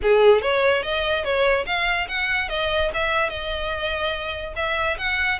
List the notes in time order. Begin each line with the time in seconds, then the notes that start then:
0.02 G#4
0.41 C#5
0.83 D#5
1.24 C#5
1.66 F5
2.08 F#5
2.48 D#5
2.94 E5
3.29 D#5
4.56 E5
4.97 F#5